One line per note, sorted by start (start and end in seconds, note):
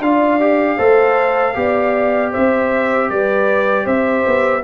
0.00 0.77 D4
0.00 0.40 F4
0.00 0.77 D5
0.00 2.33 F5
0.40 0.78 G4
0.77 1.56 A3
0.77 1.54 A4
0.77 1.54 C5
1.54 2.33 B3
1.54 4.62 G4
1.54 2.31 D5
2.31 3.10 C4
2.31 3.08 C5
2.31 3.09 E5
3.09 3.86 G3
3.09 3.84 B4
3.09 3.86 D5
3.84 4.24 C4
3.84 4.61 C5
3.84 4.64 E5
4.26 4.64 B3